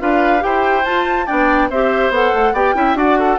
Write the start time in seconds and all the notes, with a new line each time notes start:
0.00 D4 F4 B4 F5
0.40 E4 G4 C5 G5
0.85 F4 A5
1.26 B3 D4 D5 G5
1.70 C4 G4 C5 E5
2.09 B3 A4 F#5
2.34 A3
2.52 B3 G4 D5 G5
2.75 C#4 E4 E5
2.94 D4 F#4 D5 F#5
3.19 A4